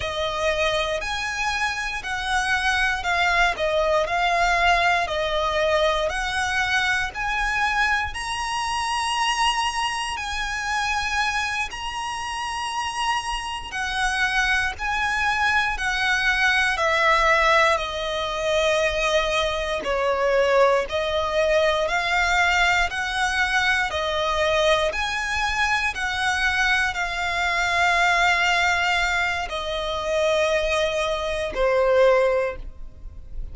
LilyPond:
\new Staff \with { instrumentName = "violin" } { \time 4/4 \tempo 4 = 59 dis''4 gis''4 fis''4 f''8 dis''8 | f''4 dis''4 fis''4 gis''4 | ais''2 gis''4. ais''8~ | ais''4. fis''4 gis''4 fis''8~ |
fis''8 e''4 dis''2 cis''8~ | cis''8 dis''4 f''4 fis''4 dis''8~ | dis''8 gis''4 fis''4 f''4.~ | f''4 dis''2 c''4 | }